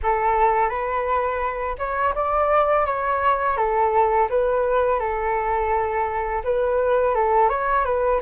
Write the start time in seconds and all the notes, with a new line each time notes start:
0.02 A4
0.69 B4
1.78 C#5
2.14 D5
2.86 C#5
3.56 A4
4.29 B4
4.99 A4
6.44 B4
7.14 A4
7.49 C#5
7.84 B4